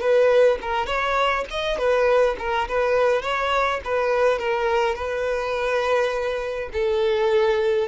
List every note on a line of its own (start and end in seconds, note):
0.00 0.58 B4
0.61 0.86 A#4
0.86 1.44 C#5
1.50 1.77 D#5
1.77 2.36 B4
2.39 2.68 A#4
2.68 3.22 B4
3.22 3.80 C#5
3.84 4.38 B4
4.38 4.95 A#4
4.95 6.70 B4
6.73 7.88 A4